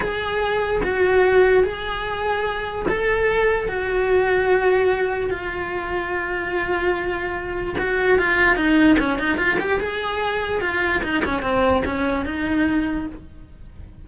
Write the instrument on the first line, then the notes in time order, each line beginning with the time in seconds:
cello
0.00 G#4
0.83 F#4
1.63 G#4
2.88 A4
3.68 F#4
5.30 F4
7.78 F#4
8.18 F4
8.56 D#4
8.99 C#4
9.19 D#4
9.37 F4
9.59 G4
9.80 G#4
10.61 F4
11.03 D#4
11.24 C#4
11.42 C4
11.85 C#4
12.25 D#4